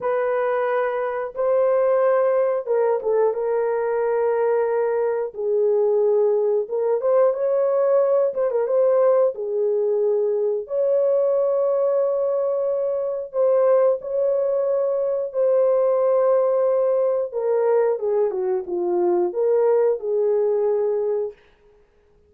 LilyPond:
\new Staff \with { instrumentName = "horn" } { \time 4/4 \tempo 4 = 90 b'2 c''2 | ais'8 a'8 ais'2. | gis'2 ais'8 c''8 cis''4~ | cis''8 c''16 ais'16 c''4 gis'2 |
cis''1 | c''4 cis''2 c''4~ | c''2 ais'4 gis'8 fis'8 | f'4 ais'4 gis'2 | }